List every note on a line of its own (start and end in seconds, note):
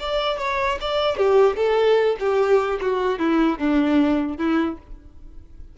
0.00 0.39 D5
0.39 0.79 C#5
0.81 1.18 D5
1.18 1.57 G4
1.57 2.17 A4
2.20 2.80 G4
2.82 3.19 F#4
3.19 3.59 E4
3.59 4.38 D4
4.38 4.78 E4